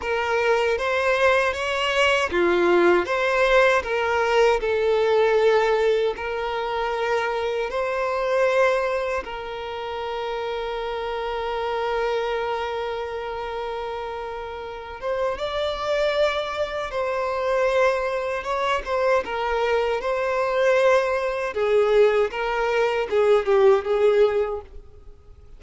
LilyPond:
\new Staff \with { instrumentName = "violin" } { \time 4/4 \tempo 4 = 78 ais'4 c''4 cis''4 f'4 | c''4 ais'4 a'2 | ais'2 c''2 | ais'1~ |
ais'2.~ ais'8 c''8 | d''2 c''2 | cis''8 c''8 ais'4 c''2 | gis'4 ais'4 gis'8 g'8 gis'4 | }